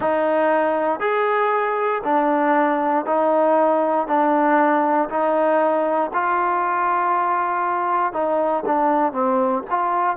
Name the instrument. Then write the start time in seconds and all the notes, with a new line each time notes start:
trombone
0.00 D#4
1.00 G#4
2.03 D4
3.05 D#4
4.07 D4
5.09 D#4
6.12 F4
8.12 D#4
8.66 D4
9.12 C4
9.69 F4